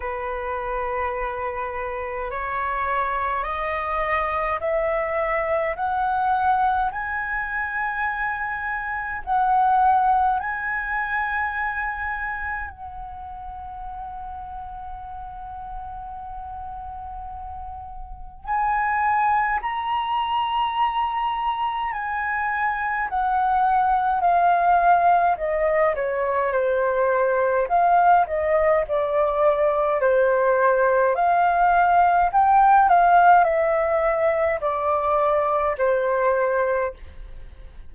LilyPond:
\new Staff \with { instrumentName = "flute" } { \time 4/4 \tempo 4 = 52 b'2 cis''4 dis''4 | e''4 fis''4 gis''2 | fis''4 gis''2 fis''4~ | fis''1 |
gis''4 ais''2 gis''4 | fis''4 f''4 dis''8 cis''8 c''4 | f''8 dis''8 d''4 c''4 f''4 | g''8 f''8 e''4 d''4 c''4 | }